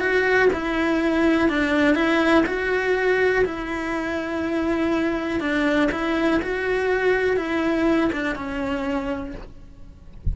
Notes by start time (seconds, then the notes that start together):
0.00 F#4
0.53 E4
1.49 D4
1.95 E4
2.47 F#4
3.45 E4
5.41 D4
5.92 E4
6.43 F#4
7.37 E4
8.13 D4
8.36 C#4